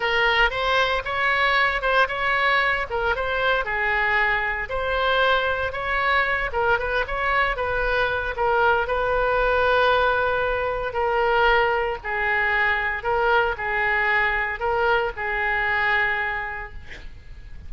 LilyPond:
\new Staff \with { instrumentName = "oboe" } { \time 4/4 \tempo 4 = 115 ais'4 c''4 cis''4. c''8 | cis''4. ais'8 c''4 gis'4~ | gis'4 c''2 cis''4~ | cis''8 ais'8 b'8 cis''4 b'4. |
ais'4 b'2.~ | b'4 ais'2 gis'4~ | gis'4 ais'4 gis'2 | ais'4 gis'2. | }